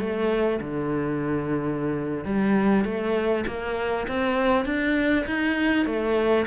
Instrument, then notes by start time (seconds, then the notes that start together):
cello
0.00 A3
0.61 D3
2.25 G3
2.85 A3
3.47 A#3
4.08 C4
4.66 D4
5.27 D#4
5.86 A3